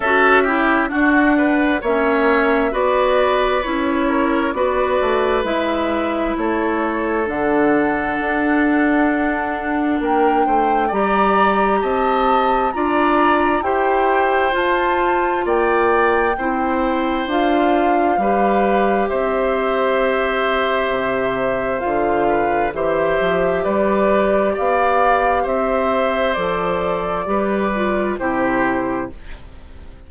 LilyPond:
<<
  \new Staff \with { instrumentName = "flute" } { \time 4/4 \tempo 4 = 66 e''4 fis''4 e''4 d''4 | cis''4 d''4 e''4 cis''4 | fis''2. g''4 | ais''4 a''4 ais''4 g''4 |
a''4 g''2 f''4~ | f''4 e''2. | f''4 e''4 d''4 f''4 | e''4 d''2 c''4 | }
  \new Staff \with { instrumentName = "oboe" } { \time 4/4 a'8 g'8 fis'8 b'8 cis''4 b'4~ | b'8 ais'8 b'2 a'4~ | a'2. ais'8 c''8 | d''4 dis''4 d''4 c''4~ |
c''4 d''4 c''2 | b'4 c''2.~ | c''8 b'8 c''4 b'4 d''4 | c''2 b'4 g'4 | }
  \new Staff \with { instrumentName = "clarinet" } { \time 4/4 fis'8 e'8 d'4 cis'4 fis'4 | e'4 fis'4 e'2 | d'1 | g'2 f'4 g'4 |
f'2 e'4 f'4 | g'1 | f'4 g'2.~ | g'4 a'4 g'8 f'8 e'4 | }
  \new Staff \with { instrumentName = "bassoon" } { \time 4/4 cis'4 d'4 ais4 b4 | cis'4 b8 a8 gis4 a4 | d4 d'2 ais8 a8 | g4 c'4 d'4 e'4 |
f'4 ais4 c'4 d'4 | g4 c'2 c4 | d4 e8 f8 g4 b4 | c'4 f4 g4 c4 | }
>>